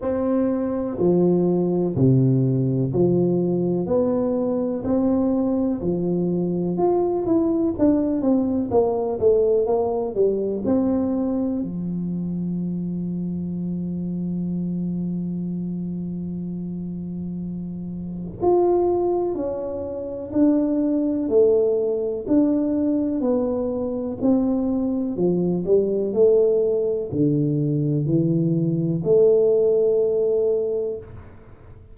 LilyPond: \new Staff \with { instrumentName = "tuba" } { \time 4/4 \tempo 4 = 62 c'4 f4 c4 f4 | b4 c'4 f4 f'8 e'8 | d'8 c'8 ais8 a8 ais8 g8 c'4 | f1~ |
f2. f'4 | cis'4 d'4 a4 d'4 | b4 c'4 f8 g8 a4 | d4 e4 a2 | }